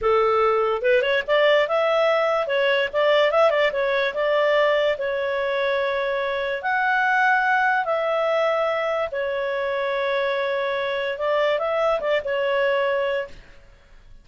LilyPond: \new Staff \with { instrumentName = "clarinet" } { \time 4/4 \tempo 4 = 145 a'2 b'8 cis''8 d''4 | e''2 cis''4 d''4 | e''8 d''8 cis''4 d''2 | cis''1 |
fis''2. e''4~ | e''2 cis''2~ | cis''2. d''4 | e''4 d''8 cis''2~ cis''8 | }